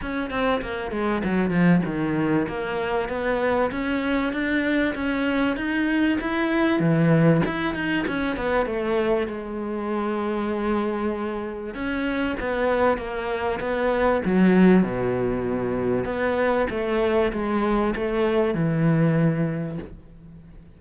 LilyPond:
\new Staff \with { instrumentName = "cello" } { \time 4/4 \tempo 4 = 97 cis'8 c'8 ais8 gis8 fis8 f8 dis4 | ais4 b4 cis'4 d'4 | cis'4 dis'4 e'4 e4 | e'8 dis'8 cis'8 b8 a4 gis4~ |
gis2. cis'4 | b4 ais4 b4 fis4 | b,2 b4 a4 | gis4 a4 e2 | }